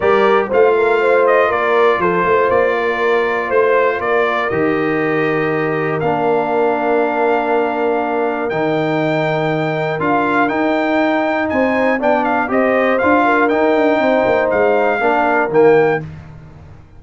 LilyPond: <<
  \new Staff \with { instrumentName = "trumpet" } { \time 4/4 \tempo 4 = 120 d''4 f''4. dis''8 d''4 | c''4 d''2 c''4 | d''4 dis''2. | f''1~ |
f''4 g''2. | f''4 g''2 gis''4 | g''8 f''8 dis''4 f''4 g''4~ | g''4 f''2 g''4 | }
  \new Staff \with { instrumentName = "horn" } { \time 4/4 ais'4 c''8 ais'8 c''4 ais'4 | a'8 c''4 ais'4. c''4 | ais'1~ | ais'1~ |
ais'1~ | ais'2. c''4 | d''4 c''4. ais'4. | c''2 ais'2 | }
  \new Staff \with { instrumentName = "trombone" } { \time 4/4 g'4 f'2.~ | f'1~ | f'4 g'2. | d'1~ |
d'4 dis'2. | f'4 dis'2. | d'4 g'4 f'4 dis'4~ | dis'2 d'4 ais4 | }
  \new Staff \with { instrumentName = "tuba" } { \time 4/4 g4 a2 ais4 | f8 a8 ais2 a4 | ais4 dis2. | ais1~ |
ais4 dis2. | d'4 dis'2 c'4 | b4 c'4 d'4 dis'8 d'8 | c'8 ais8 gis4 ais4 dis4 | }
>>